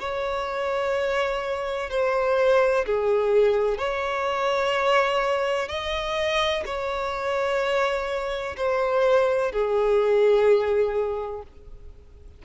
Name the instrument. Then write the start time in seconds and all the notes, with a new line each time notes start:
violin
0.00 C#5
1.90 C5
2.86 G#4
3.78 C#5
5.68 D#5
6.66 C#5
8.57 C5
9.52 G#4